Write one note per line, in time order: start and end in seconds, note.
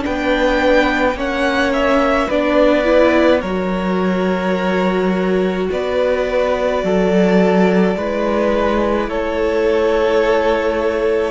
0.00 1.13 D4
0.00 1.17 B4
0.00 1.18 G5
0.07 1.14 B3
1.14 2.27 A#3
1.14 2.30 C#4
1.14 2.27 C#5
1.14 1.73 F#5
1.73 2.30 E5
2.27 3.43 B3
2.27 2.84 D4
2.27 3.41 B4
2.27 3.41 D5
2.84 3.41 E4
3.41 5.69 F#3
3.41 7.96 F#4
3.41 5.67 A#4
3.41 5.67 C#5
5.71 6.83 B3
5.71 6.84 B4
5.71 9.09 D5
6.83 7.96 F#3
6.83 7.97 A4
7.96 9.08 G#3
7.96 11.31 E4
7.96 9.09 B4
9.08 11.31 A3
9.08 11.31 A4
9.08 11.31 C#5